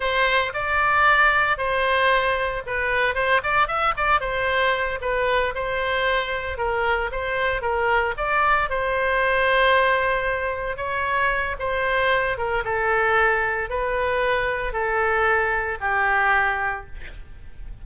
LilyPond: \new Staff \with { instrumentName = "oboe" } { \time 4/4 \tempo 4 = 114 c''4 d''2 c''4~ | c''4 b'4 c''8 d''8 e''8 d''8 | c''4. b'4 c''4.~ | c''8 ais'4 c''4 ais'4 d''8~ |
d''8 c''2.~ c''8~ | c''8 cis''4. c''4. ais'8 | a'2 b'2 | a'2 g'2 | }